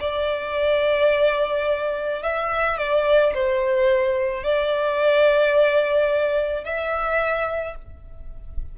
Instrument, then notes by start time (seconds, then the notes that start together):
violin
0.00 D5
2.22 E5
2.78 D5
3.34 C5
4.43 D5
6.64 E5